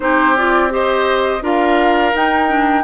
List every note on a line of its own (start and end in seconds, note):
0.00 1.41 C4
0.00 0.35 D#4
0.00 0.73 G4
0.00 0.36 C5
0.36 0.69 F4
0.36 0.72 D5
0.69 1.41 G4
0.69 1.42 C5
0.69 1.44 D#5
1.41 2.13 D4
1.41 2.13 F4
1.41 2.84 A#4
1.41 2.16 F5
2.13 2.84 D#4
2.13 2.47 D#4
2.13 2.84 G5
2.47 2.83 D4